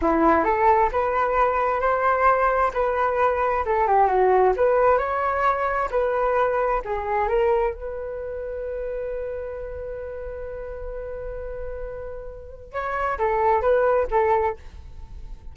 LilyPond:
\new Staff \with { instrumentName = "flute" } { \time 4/4 \tempo 4 = 132 e'4 a'4 b'2 | c''2 b'2 | a'8 g'8 fis'4 b'4 cis''4~ | cis''4 b'2 gis'4 |
ais'4 b'2.~ | b'1~ | b'1 | cis''4 a'4 b'4 a'4 | }